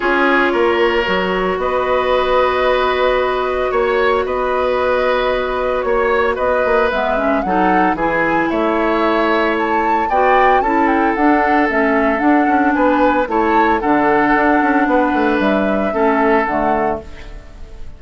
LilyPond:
<<
  \new Staff \with { instrumentName = "flute" } { \time 4/4 \tempo 4 = 113 cis''2. dis''4~ | dis''2. cis''4 | dis''2. cis''4 | dis''4 e''4 fis''4 gis''4 |
e''2 a''4 g''4 | a''8 g''8 fis''4 e''4 fis''4 | gis''4 a''4 fis''2~ | fis''4 e''2 fis''4 | }
  \new Staff \with { instrumentName = "oboe" } { \time 4/4 gis'4 ais'2 b'4~ | b'2. cis''4 | b'2. cis''4 | b'2 a'4 gis'4 |
cis''2. d''4 | a'1 | b'4 cis''4 a'2 | b'2 a'2 | }
  \new Staff \with { instrumentName = "clarinet" } { \time 4/4 f'2 fis'2~ | fis'1~ | fis'1~ | fis'4 b8 cis'8 dis'4 e'4~ |
e'2. fis'4 | e'4 d'4 cis'4 d'4~ | d'4 e'4 d'2~ | d'2 cis'4 a4 | }
  \new Staff \with { instrumentName = "bassoon" } { \time 4/4 cis'4 ais4 fis4 b4~ | b2. ais4 | b2. ais4 | b8 ais8 gis4 fis4 e4 |
a2. b4 | cis'4 d'4 a4 d'8 cis'8 | b4 a4 d4 d'8 cis'8 | b8 a8 g4 a4 d4 | }
>>